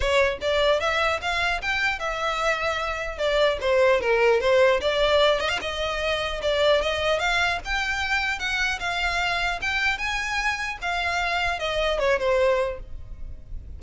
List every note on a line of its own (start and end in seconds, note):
0.00 0.38 C#5
0.41 0.80 D5
0.80 1.20 E5
1.21 1.61 F5
1.61 1.99 G5
1.99 3.17 E5
3.17 3.57 D5
3.60 4.00 C5
4.01 4.40 A#4
4.40 4.80 C5
4.80 5.40 D5
5.40 5.48 D#5
5.48 5.58 F5
5.61 6.41 D#5
6.42 6.81 D5
6.81 7.19 D#5
7.19 7.59 F5
7.64 8.39 G5
8.39 8.79 F#5
8.79 9.59 F5
9.61 9.98 G5
9.98 10.78 G#5
10.81 11.59 F5
11.59 11.99 D#5
11.99 12.19 C#5
12.19 12.79 C5